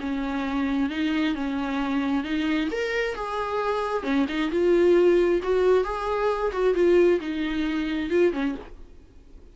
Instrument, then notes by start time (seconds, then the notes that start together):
viola
0.00 C#4
0.89 D#4
1.35 C#4
2.24 D#4
2.71 A#4
3.15 G#4
4.03 C#4
4.29 D#4
4.51 F4
5.43 F#4
5.84 G#4
6.52 F#4
6.74 F4
7.20 D#4
8.10 F4
8.33 C#4